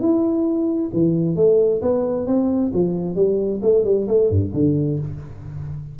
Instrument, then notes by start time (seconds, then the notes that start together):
tuba
0.00 E4
0.93 E3
1.36 A3
1.82 B3
2.27 C4
2.73 F3
3.15 G3
3.62 A3
3.85 G3
4.08 A3
4.30 G2
4.54 D3